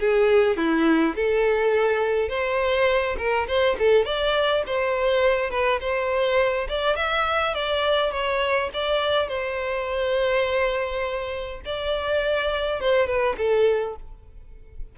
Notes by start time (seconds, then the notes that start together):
0.00 G#4
0.57 E4
1.16 A4
2.29 C5
3.18 A#4
3.48 C5
3.79 A4
4.06 D5
4.67 C5
5.51 B4
5.81 C5
6.69 D5
6.97 E5
7.55 D5
8.12 C#5
8.74 D5
9.28 C5
11.66 D5
12.81 C5
13.07 B4
13.38 A4